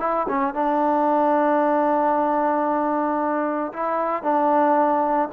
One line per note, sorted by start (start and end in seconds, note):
0.00 0.27 E4
0.28 0.54 C#4
0.54 3.73 D4
3.73 4.23 E4
4.23 5.29 D4